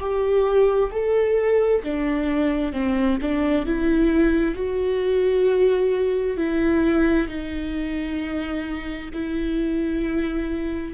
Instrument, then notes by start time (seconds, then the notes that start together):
viola
0.00 G4
0.92 A4
1.84 D4
2.73 C4
3.22 D4
3.66 E4
4.55 F#4
6.37 E4
7.28 D#4
9.14 E4